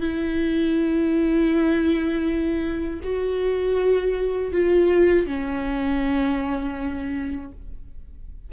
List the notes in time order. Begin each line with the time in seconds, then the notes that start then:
0.00 E4
3.03 F#4
4.52 F4
5.26 C#4